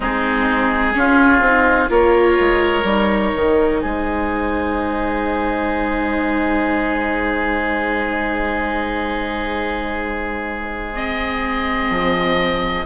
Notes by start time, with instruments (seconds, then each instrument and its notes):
0.00 bassoon G#3, viola C4, oboe D#4 G#4
0.93 viola C#4, bassoon C#4, oboe F4
1.39 bassoon C4, viola D#4
1.88 bassoon A#3, viola F4, oboe A#4 C#5
2.39 bassoon G#3
2.83 bassoon G3, viola D#4
3.35 bassoon D#3
3.81 bassoon G#3, oboe G#4 C5
10.93 viola C4, oboe D#5
11.89 bassoon F3